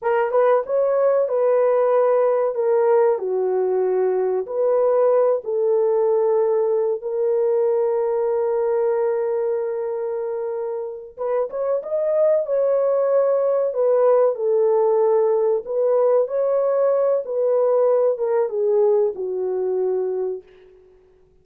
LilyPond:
\new Staff \with { instrumentName = "horn" } { \time 4/4 \tempo 4 = 94 ais'8 b'8 cis''4 b'2 | ais'4 fis'2 b'4~ | b'8 a'2~ a'8 ais'4~ | ais'1~ |
ais'4. b'8 cis''8 dis''4 cis''8~ | cis''4. b'4 a'4.~ | a'8 b'4 cis''4. b'4~ | b'8 ais'8 gis'4 fis'2 | }